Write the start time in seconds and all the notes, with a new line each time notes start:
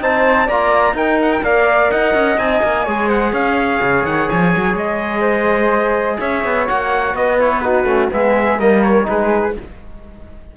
0.00 C4 D#4 C5 A5
0.46 A#3 F4 D5 A#5
0.93 D#4 A#4 G5
1.22 F#5
1.32 G5
1.42 A#3 A#4 D5 F5
1.90 D#4 D#5 F#5
2.14 C#4
2.37 C4 D#4 G#5
2.63 A#3
2.84 G#3 G#4 C#5
3.08 C5 F#5
3.32 C#4 C#5 F5
3.82 C#3
4.04 D#3 F#5
4.29 F3 G#5
4.56 F#3
4.74 G#3 D#5
5.20 C5
6.20 C#4 C#5 E5
6.44 B3
6.66 A#3 F#4 F#5
7.14 B3 B4 D#5
7.38 E4 C#5
7.60 D#4 F#4 B4
7.84 A3 C#4
8.10 G#3 B3 G#4 E5
8.58 G3 A#3 A#4 D#5
8.83 C#5
9.03 D#4 G#4
9.09 G#3 B4